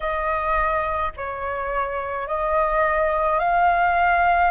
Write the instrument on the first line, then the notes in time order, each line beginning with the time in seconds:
flute
0.00 D#5
1.16 C#5
2.27 D#5
3.39 F5